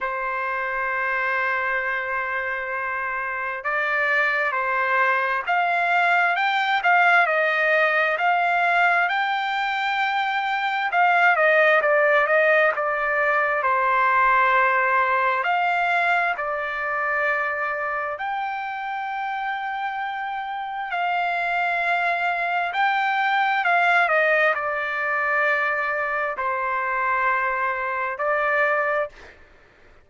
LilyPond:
\new Staff \with { instrumentName = "trumpet" } { \time 4/4 \tempo 4 = 66 c''1 | d''4 c''4 f''4 g''8 f''8 | dis''4 f''4 g''2 | f''8 dis''8 d''8 dis''8 d''4 c''4~ |
c''4 f''4 d''2 | g''2. f''4~ | f''4 g''4 f''8 dis''8 d''4~ | d''4 c''2 d''4 | }